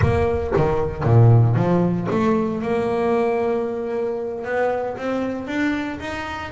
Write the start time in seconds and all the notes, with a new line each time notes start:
0.01 A#3
0.56 D#3
1.03 A#2
1.55 F3
2.10 A3
2.62 A#3
4.44 B3
4.97 C4
5.47 D4
6.00 D#4